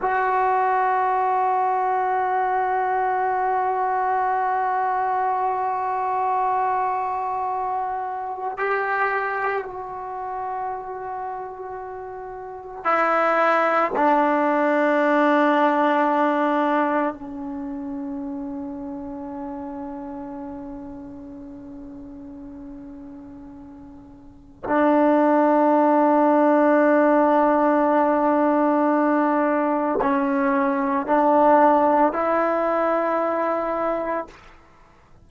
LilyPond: \new Staff \with { instrumentName = "trombone" } { \time 4/4 \tempo 4 = 56 fis'1~ | fis'1 | g'4 fis'2. | e'4 d'2. |
cis'1~ | cis'2. d'4~ | d'1 | cis'4 d'4 e'2 | }